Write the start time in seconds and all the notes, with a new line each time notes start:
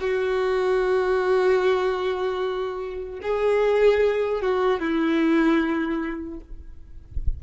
0.00 F#4
3.22 G#4
4.41 F#4
4.80 E4